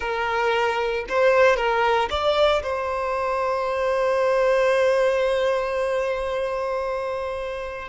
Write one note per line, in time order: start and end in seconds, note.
0.00 1.05 A#4
1.08 1.56 C5
1.56 2.08 A#4
2.09 2.62 D5
2.62 7.88 C5